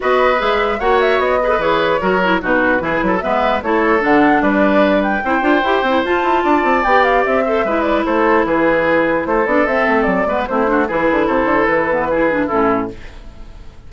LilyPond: <<
  \new Staff \with { instrumentName = "flute" } { \time 4/4 \tempo 4 = 149 dis''4 e''4 fis''8 e''8 dis''4 | cis''2 b'2 | e''4 cis''4 fis''4 d''4~ | d''8 g''2~ g''8 a''4~ |
a''4 g''8 f''8 e''4. d''8 | c''4 b'2 c''8 d''8 | e''4 d''4 c''4 b'4 | c''4 b'2 a'4 | }
  \new Staff \with { instrumentName = "oboe" } { \time 4/4 b'2 cis''4. b'8~ | b'4 ais'4 fis'4 gis'8 a'8 | b'4 a'2 b'4~ | b'4 c''2. |
d''2~ d''8 c''8 b'4 | a'4 gis'2 a'4~ | a'4. b'8 e'8 fis'8 gis'4 | a'2 gis'4 e'4 | }
  \new Staff \with { instrumentName = "clarinet" } { \time 4/4 fis'4 gis'4 fis'4. gis'16 a'16 | gis'4 fis'8 e'8 dis'4 e'4 | b4 e'4 d'2~ | d'4 e'8 f'8 g'8 e'8 f'4~ |
f'4 g'4. a'8 e'4~ | e'2.~ e'8 d'8 | c'4. b8 c'8 d'8 e'4~ | e'4. b8 e'8 d'8 cis'4 | }
  \new Staff \with { instrumentName = "bassoon" } { \time 4/4 b4 gis4 ais4 b4 | e4 fis4 b,4 e8 fis8 | gis4 a4 d4 g4~ | g4 c'8 d'8 e'8 c'8 f'8 e'8 |
d'8 c'8 b4 c'4 gis4 | a4 e2 a8 b8 | c'8 a8 fis8 gis8 a4 e8 d8 | c8 d8 e2 a,4 | }
>>